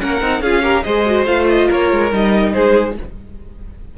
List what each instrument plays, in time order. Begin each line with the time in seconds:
0.00 cello A#3, viola C#4, violin A#4 F#5
0.21 cello C4, viola D#4
0.41 cello C#4, viola F4, violin G#4 F5
0.63 viola G4, violin A#4
0.83 cello G#3, viola G#4, violin C5 D#5
1.06 viola F#4
1.26 cello A3, viola F4, violin F5
1.50 violin D#5
1.68 cello A#3, violin A#4 C#5
1.93 cello G#3
2.12 cello G3, viola D#4, violin D#5
2.53 cello G#3, violin G#4 C5